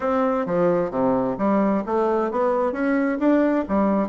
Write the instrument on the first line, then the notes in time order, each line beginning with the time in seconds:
bassoon
0.00 C4
0.46 F3
0.90 C3
1.37 G3
1.85 A3
2.31 B3
2.72 C#4
3.19 D4
3.68 G3